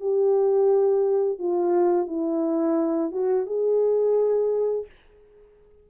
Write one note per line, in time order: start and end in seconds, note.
0.00 1.39 G4
1.39 2.07 F4
2.07 3.11 E4
3.11 3.46 F#4
3.46 4.86 G#4